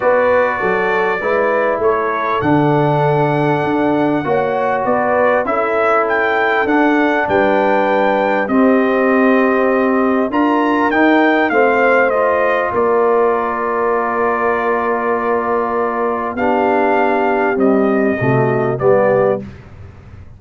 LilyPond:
<<
  \new Staff \with { instrumentName = "trumpet" } { \time 4/4 \tempo 4 = 99 d''2. cis''4 | fis''1 | d''4 e''4 g''4 fis''4 | g''2 dis''2~ |
dis''4 ais''4 g''4 f''4 | dis''4 d''2.~ | d''2. f''4~ | f''4 dis''2 d''4 | }
  \new Staff \with { instrumentName = "horn" } { \time 4/4 b'4 a'4 b'4 a'4~ | a'2. cis''4 | b'4 a'2. | b'2 g'2~ |
g'4 ais'2 c''4~ | c''4 ais'2.~ | ais'2. g'4~ | g'2 fis'4 g'4 | }
  \new Staff \with { instrumentName = "trombone" } { \time 4/4 fis'2 e'2 | d'2. fis'4~ | fis'4 e'2 d'4~ | d'2 c'2~ |
c'4 f'4 dis'4 c'4 | f'1~ | f'2. d'4~ | d'4 g4 a4 b4 | }
  \new Staff \with { instrumentName = "tuba" } { \time 4/4 b4 fis4 gis4 a4 | d2 d'4 ais4 | b4 cis'2 d'4 | g2 c'2~ |
c'4 d'4 dis'4 a4~ | a4 ais2.~ | ais2. b4~ | b4 c'4 c4 g4 | }
>>